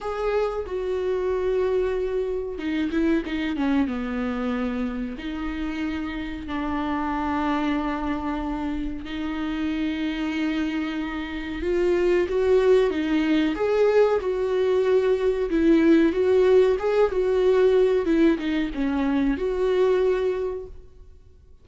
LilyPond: \new Staff \with { instrumentName = "viola" } { \time 4/4 \tempo 4 = 93 gis'4 fis'2. | dis'8 e'8 dis'8 cis'8 b2 | dis'2 d'2~ | d'2 dis'2~ |
dis'2 f'4 fis'4 | dis'4 gis'4 fis'2 | e'4 fis'4 gis'8 fis'4. | e'8 dis'8 cis'4 fis'2 | }